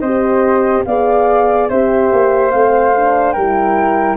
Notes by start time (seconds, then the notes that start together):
0.00 C4 G4 C5 D#5
0.85 B3 G#4 D5 F5
1.69 C4 G4 C5 E5
2.12 A#3
2.51 A3 C4 F5
2.96 D4
3.32 G3 A#4 G5
3.38 E4